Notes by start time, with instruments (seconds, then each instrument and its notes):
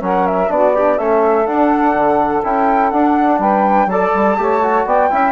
0.00 bassoon F#3, trombone C#4, saxophone A#4, flute F#5
0.27 flute E5
0.48 bassoon B3, trombone D4, saxophone F#4, flute D5
0.75 saxophone D4, trombone G4
0.96 bassoon A3, trombone C#4, saxophone A4, flute E5
1.46 trombone D4, bassoon D4, flute F#5
1.95 bassoon D3
2.44 bassoon C#4, trombone E4, flute G5
2.90 bassoon D4, trombone D4, flute F#5
3.39 bassoon G3, saxophone B4, flute G5
3.86 bassoon F#3, trombone A4, saxophone D5, flute A5
4.15 bassoon G3
4.37 bassoon A3, trombone G4, saxophone C#5
4.62 trombone F#4
4.85 bassoon B3, saxophone D5, flute G5
5.10 bassoon C#4, trombone E4, saxophone E5